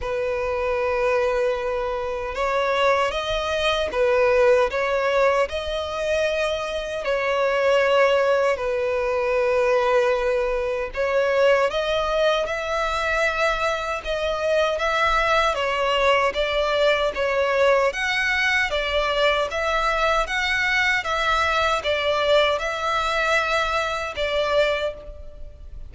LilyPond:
\new Staff \with { instrumentName = "violin" } { \time 4/4 \tempo 4 = 77 b'2. cis''4 | dis''4 b'4 cis''4 dis''4~ | dis''4 cis''2 b'4~ | b'2 cis''4 dis''4 |
e''2 dis''4 e''4 | cis''4 d''4 cis''4 fis''4 | d''4 e''4 fis''4 e''4 | d''4 e''2 d''4 | }